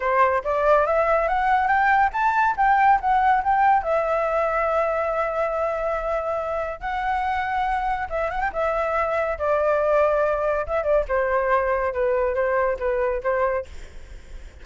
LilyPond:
\new Staff \with { instrumentName = "flute" } { \time 4/4 \tempo 4 = 141 c''4 d''4 e''4 fis''4 | g''4 a''4 g''4 fis''4 | g''4 e''2.~ | e''1 |
fis''2. e''8 fis''16 g''16 | e''2 d''2~ | d''4 e''8 d''8 c''2 | b'4 c''4 b'4 c''4 | }